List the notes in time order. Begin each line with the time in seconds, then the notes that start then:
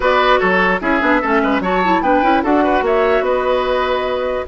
0.00 B3 F#4 B4 D5
0.39 F#3 A4 C#5
0.80 C#4 E4 G#4 E5
1.00 B3 D4
1.21 A3 C#4 A4
1.42 G#3 B4
1.60 F#3 F#4 C#5 A5
1.83 E4
2.00 B3 D4 B4 G5
2.22 C#4 E4
2.43 D4 F#4 A4 F#5
2.63 B4
2.81 A#3 C#5 E5
3.21 B3 B4 D#5